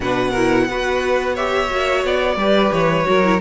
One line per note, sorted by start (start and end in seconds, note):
0.00 0.68 B2
0.00 0.34 D4
0.00 0.30 B4
0.00 1.36 F#5
0.30 0.69 E4
0.30 0.64 A#4
0.68 1.70 B3
0.68 1.36 F#4
0.68 1.34 B4
1.34 1.68 G4
1.34 2.36 C#5
1.34 2.04 E5
1.68 2.04 A#3
1.68 2.37 F#4
2.04 2.36 B3
2.04 2.72 D5
2.36 2.70 G3
2.36 3.04 G4
2.36 3.07 B4
2.71 3.06 E3
2.71 3.40 C#5
3.04 3.40 F#3
3.04 3.21 F#4
3.04 3.40 A#4
3.23 3.40 E4